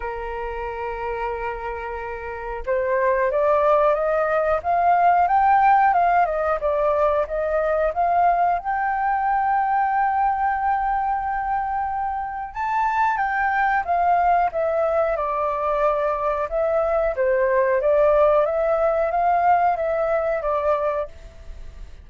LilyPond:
\new Staff \with { instrumentName = "flute" } { \time 4/4 \tempo 4 = 91 ais'1 | c''4 d''4 dis''4 f''4 | g''4 f''8 dis''8 d''4 dis''4 | f''4 g''2.~ |
g''2. a''4 | g''4 f''4 e''4 d''4~ | d''4 e''4 c''4 d''4 | e''4 f''4 e''4 d''4 | }